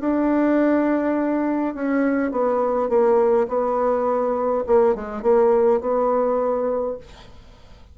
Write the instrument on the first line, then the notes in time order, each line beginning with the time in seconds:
bassoon
0.00 D4
1.75 C#4
2.31 B3
2.89 A#3
3.48 B3
4.67 A#3
4.95 G#3
5.22 A#3
5.81 B3